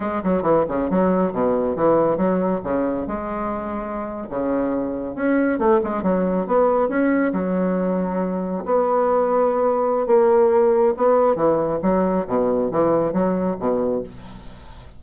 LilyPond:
\new Staff \with { instrumentName = "bassoon" } { \time 4/4 \tempo 4 = 137 gis8 fis8 e8 cis8 fis4 b,4 | e4 fis4 cis4 gis4~ | gis4.~ gis16 cis2 cis'16~ | cis'8. a8 gis8 fis4 b4 cis'16~ |
cis'8. fis2. b16~ | b2. ais4~ | ais4 b4 e4 fis4 | b,4 e4 fis4 b,4 | }